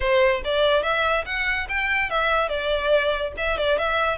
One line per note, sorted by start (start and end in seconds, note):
0.00 0.41 C5
0.44 0.83 D5
0.83 1.25 E5
1.25 1.67 F#5
1.68 2.10 G5
2.10 2.48 E5
2.48 3.32 D5
3.37 3.57 E5
3.57 3.78 D5
3.78 4.18 E5